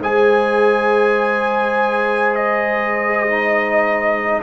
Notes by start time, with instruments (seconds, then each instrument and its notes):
0.00 tuba G#3, trombone G#4, horn C5, trumpet G#5
2.36 trumpet D#5
3.27 trombone D#4